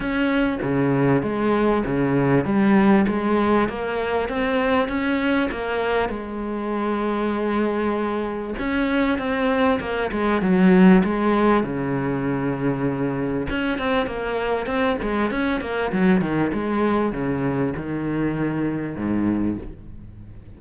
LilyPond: \new Staff \with { instrumentName = "cello" } { \time 4/4 \tempo 4 = 98 cis'4 cis4 gis4 cis4 | g4 gis4 ais4 c'4 | cis'4 ais4 gis2~ | gis2 cis'4 c'4 |
ais8 gis8 fis4 gis4 cis4~ | cis2 cis'8 c'8 ais4 | c'8 gis8 cis'8 ais8 fis8 dis8 gis4 | cis4 dis2 gis,4 | }